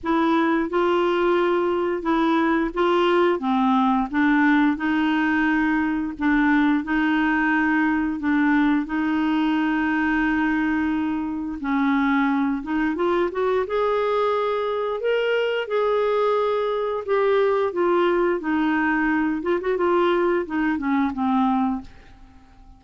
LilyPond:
\new Staff \with { instrumentName = "clarinet" } { \time 4/4 \tempo 4 = 88 e'4 f'2 e'4 | f'4 c'4 d'4 dis'4~ | dis'4 d'4 dis'2 | d'4 dis'2.~ |
dis'4 cis'4. dis'8 f'8 fis'8 | gis'2 ais'4 gis'4~ | gis'4 g'4 f'4 dis'4~ | dis'8 f'16 fis'16 f'4 dis'8 cis'8 c'4 | }